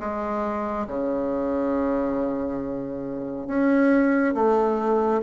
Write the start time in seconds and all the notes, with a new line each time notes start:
0.00 G#3
0.87 C#3
3.47 C#4
4.34 A3